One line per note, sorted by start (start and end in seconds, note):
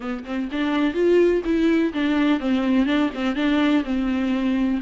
0.00 0.24 B3
0.24 0.48 C4
0.51 0.94 D4
0.94 1.42 F4
1.44 1.92 E4
1.93 2.40 D4
2.40 2.86 C4
2.86 3.10 D4
3.14 3.35 C4
3.35 3.83 D4
3.84 4.80 C4